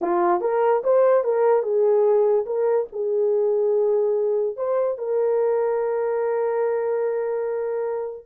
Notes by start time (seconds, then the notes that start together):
0.01 F4
0.40 A#4
0.83 C5
1.23 A#4
1.62 G#4
2.45 A#4
2.92 G#4
4.56 C5
4.97 A#4